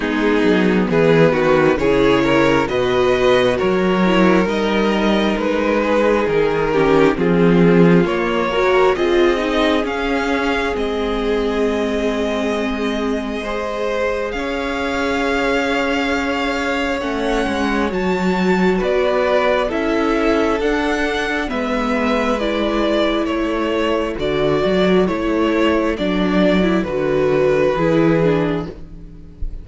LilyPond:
<<
  \new Staff \with { instrumentName = "violin" } { \time 4/4 \tempo 4 = 67 gis'4 b'4 cis''4 dis''4 | cis''4 dis''4 b'4 ais'4 | gis'4 cis''4 dis''4 f''4 | dis''1 |
f''2. fis''4 | a''4 d''4 e''4 fis''4 | e''4 d''4 cis''4 d''4 | cis''4 d''4 b'2 | }
  \new Staff \with { instrumentName = "violin" } { \time 4/4 dis'4 gis'8 fis'8 gis'8 ais'8 b'4 | ais'2~ ais'8 gis'4 g'8 | f'4. ais'8 gis'2~ | gis'2. c''4 |
cis''1~ | cis''4 b'4 a'2 | b'2 a'2~ | a'2. gis'4 | }
  \new Staff \with { instrumentName = "viola" } { \time 4/4 b2 e'4 fis'4~ | fis'8 e'8 dis'2~ dis'8 cis'8 | c'4 ais8 fis'8 f'8 dis'8 cis'4 | c'2. gis'4~ |
gis'2. cis'4 | fis'2 e'4 d'4 | b4 e'2 fis'4 | e'4 d'8. e'16 fis'4 e'8 d'8 | }
  \new Staff \with { instrumentName = "cello" } { \time 4/4 gis8 fis8 e8 dis8 cis4 b,4 | fis4 g4 gis4 dis4 | f4 ais4 c'4 cis'4 | gis1 |
cis'2. a8 gis8 | fis4 b4 cis'4 d'4 | gis2 a4 d8 fis8 | a4 fis4 d4 e4 | }
>>